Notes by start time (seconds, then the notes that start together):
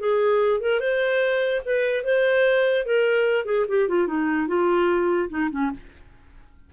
0.00 G#4
0.61 A#4
0.80 C5
1.65 B4
2.04 C5
2.86 A#4
3.46 G#4
3.69 G4
3.89 F4
4.07 D#4
4.48 F4
5.30 D#4
5.51 C#4